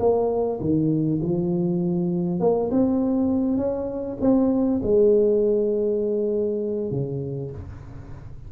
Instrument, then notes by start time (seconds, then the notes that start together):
tuba
0.00 A#3
0.61 D#3
1.22 F3
2.40 A#3
2.71 C4
3.58 C#4
4.21 C4
4.83 G#3
6.91 C#3